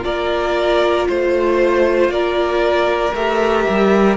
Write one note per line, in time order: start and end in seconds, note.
0.00 1.07 A#3
0.00 3.10 F4
0.00 1.08 A#4
0.00 1.07 D5
1.08 2.09 A3
1.08 2.11 C5
1.08 2.12 C5
2.09 3.12 A#3
2.09 4.17 A#4
2.09 3.14 D5
3.14 3.65 A3
3.14 4.17 G4
3.14 4.17 E5
3.69 4.17 G3